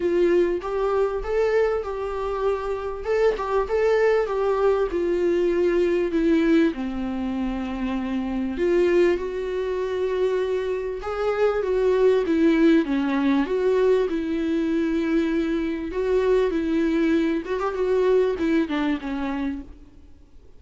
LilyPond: \new Staff \with { instrumentName = "viola" } { \time 4/4 \tempo 4 = 98 f'4 g'4 a'4 g'4~ | g'4 a'8 g'8 a'4 g'4 | f'2 e'4 c'4~ | c'2 f'4 fis'4~ |
fis'2 gis'4 fis'4 | e'4 cis'4 fis'4 e'4~ | e'2 fis'4 e'4~ | e'8 fis'16 g'16 fis'4 e'8 d'8 cis'4 | }